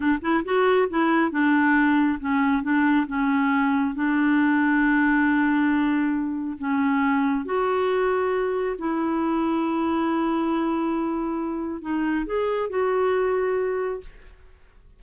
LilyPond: \new Staff \with { instrumentName = "clarinet" } { \time 4/4 \tempo 4 = 137 d'8 e'8 fis'4 e'4 d'4~ | d'4 cis'4 d'4 cis'4~ | cis'4 d'2.~ | d'2. cis'4~ |
cis'4 fis'2. | e'1~ | e'2. dis'4 | gis'4 fis'2. | }